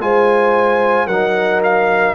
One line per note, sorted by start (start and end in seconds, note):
0.00 1.06 G#3
0.00 1.07 F4
0.00 1.06 C5
0.00 1.07 G#5
1.06 2.13 F#3
1.06 2.14 D#4
1.06 2.13 A#4
1.06 1.61 F#5
1.63 2.14 F5